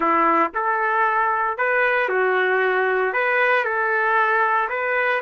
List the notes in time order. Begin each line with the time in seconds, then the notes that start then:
0.00 E4
0.54 A4
1.57 B4
2.08 F#4
3.13 B4
3.64 A4
4.69 B4